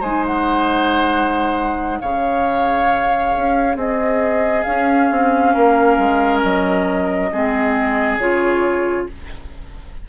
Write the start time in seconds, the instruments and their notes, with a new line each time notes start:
0.00 bassoon G#3, clarinet D#4, oboe C5, flute G#5
0.26 flute F#5
2.00 bassoon C#3, clarinet G#4, oboe C#5, flute F5
3.36 bassoon C#4
3.76 bassoon C4, oboe G#4, flute D#5
4.63 clarinet C#4, bassoon C#4, flute F5
5.11 bassoon C4
5.53 bassoon A#3, oboe A#4
5.98 bassoon G#3
6.42 bassoon F#3, flute D#5
7.32 bassoon G#3, clarinet C4, oboe G#4
8.18 bassoon C#3, clarinet F4, flute C#5